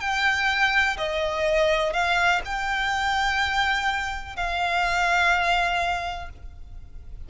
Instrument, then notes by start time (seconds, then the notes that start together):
violin
0.00 G5
0.97 D#5
1.93 F5
2.45 G5
4.36 F5